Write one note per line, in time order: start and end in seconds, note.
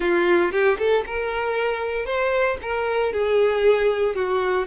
0.00 0.51 F4
0.51 0.77 G4
0.78 1.04 A4
1.06 2.05 A#4
2.05 2.57 C5
2.62 3.12 A#4
3.12 4.15 G#4
4.15 4.66 F#4